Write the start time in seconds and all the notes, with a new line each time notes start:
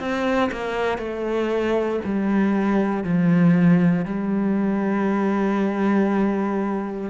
0.00 C4
0.52 A#3
0.98 A3
2.05 G3
3.04 F3
4.05 G3